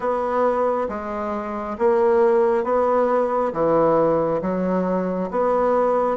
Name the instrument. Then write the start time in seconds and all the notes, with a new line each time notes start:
bassoon
0.00 B3
0.88 G#3
1.78 A#3
2.64 B3
3.53 E3
4.41 F#3
5.31 B3